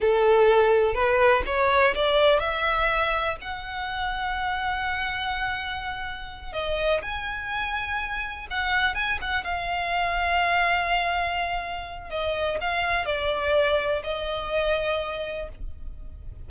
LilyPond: \new Staff \with { instrumentName = "violin" } { \time 4/4 \tempo 4 = 124 a'2 b'4 cis''4 | d''4 e''2 fis''4~ | fis''1~ | fis''4. dis''4 gis''4.~ |
gis''4. fis''4 gis''8 fis''8 f''8~ | f''1~ | f''4 dis''4 f''4 d''4~ | d''4 dis''2. | }